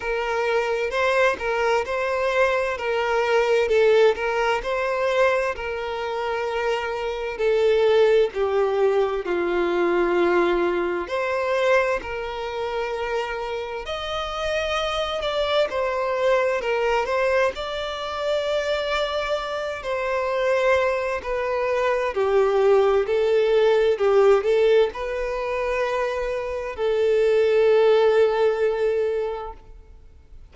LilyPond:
\new Staff \with { instrumentName = "violin" } { \time 4/4 \tempo 4 = 65 ais'4 c''8 ais'8 c''4 ais'4 | a'8 ais'8 c''4 ais'2 | a'4 g'4 f'2 | c''4 ais'2 dis''4~ |
dis''8 d''8 c''4 ais'8 c''8 d''4~ | d''4. c''4. b'4 | g'4 a'4 g'8 a'8 b'4~ | b'4 a'2. | }